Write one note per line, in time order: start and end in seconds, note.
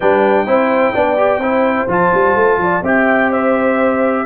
0.00 0.46 G3
0.00 0.46 D4
0.00 0.46 B4
0.00 1.89 G5
0.46 0.93 C4
0.46 0.94 E4
0.46 0.94 C5
0.94 1.38 B3
0.94 1.17 D4
0.94 1.41 D5
1.17 1.40 G4
1.38 1.85 C4
1.38 1.88 E4
1.38 2.60 C5
1.87 2.11 F3
1.87 2.83 F4
1.87 2.85 A5
2.14 2.35 G3
2.35 2.57 A3
2.57 2.81 F3
2.57 2.83 D5
2.82 4.24 C4
2.82 4.25 G4
2.82 3.30 E5
2.82 3.32 G5
3.30 4.25 C5
3.30 4.25 E5